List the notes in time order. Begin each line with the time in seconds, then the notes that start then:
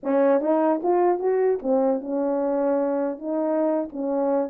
0.03 C#4
0.40 D#4
0.83 F4
1.19 F#4
1.62 C4
2.01 C#4
3.18 D#4
3.92 C#4